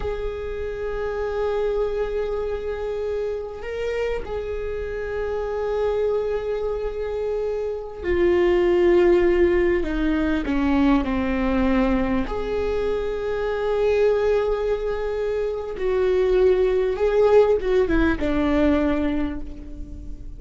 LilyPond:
\new Staff \with { instrumentName = "viola" } { \time 4/4 \tempo 4 = 99 gis'1~ | gis'2 ais'4 gis'4~ | gis'1~ | gis'4~ gis'16 f'2~ f'8.~ |
f'16 dis'4 cis'4 c'4.~ c'16~ | c'16 gis'2.~ gis'8.~ | gis'2 fis'2 | gis'4 fis'8 e'8 d'2 | }